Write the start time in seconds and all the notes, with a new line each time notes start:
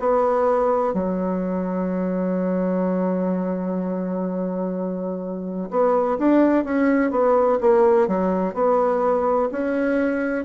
0.00 B3
0.94 F#3
5.71 B3
6.19 D4
6.65 C#4
7.11 B3
7.61 A#3
8.08 F#3
8.54 B3
9.52 C#4